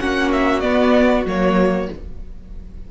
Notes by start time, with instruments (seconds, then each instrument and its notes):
0.00 cello A#3, viola C#4, violin F#4 F#5
0.32 violin E5
0.61 viola B3, cello B3, violin D5
1.26 cello F#3, viola A#3, violin C#5